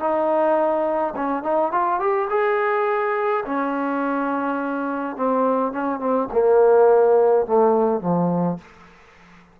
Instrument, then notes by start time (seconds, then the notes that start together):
trombone
0.00 D#4
1.16 C#4
1.43 D#4
1.72 F4
1.99 G4
2.30 G#4
3.45 C#4
5.16 C4
5.72 C#4
5.99 C4
6.32 A#3
7.46 A3
8.01 F3